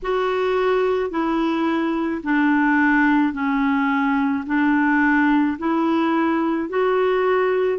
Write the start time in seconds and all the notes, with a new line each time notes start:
0.02 F#4
1.10 E4
2.23 D4
3.33 C#4
4.46 D4
5.58 E4
6.69 F#4